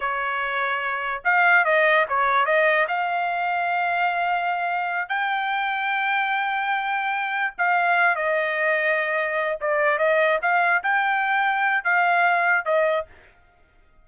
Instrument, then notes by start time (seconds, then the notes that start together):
trumpet
0.00 C#5
1.24 F5
1.64 D#5
2.08 C#5
2.45 D#5
2.88 F5
5.08 G5
7.58 F5
8.15 D#5
9.60 D5
9.98 D#5
10.42 F5
10.83 G5
11.84 F5
12.65 D#5